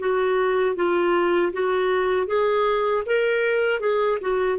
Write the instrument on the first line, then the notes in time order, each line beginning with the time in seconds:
clarinet
0.00 F#4
0.76 F4
1.53 F#4
2.27 G#4
3.07 A#4
3.80 G#4
4.21 F#4